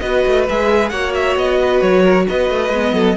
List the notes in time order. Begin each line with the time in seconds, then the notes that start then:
0.00 B3 F#4 B4 D#5
0.27 A3
0.50 G#3 G#4 E5
0.90 A#3 F#4 C#5 F#5
1.15 E5
1.36 B3 D#5
1.60 B4
1.81 F#3 C#5
2.03 A#4
2.29 B3 B4 D#5
2.50 A3
2.70 G#3 B3
2.93 F#3 A4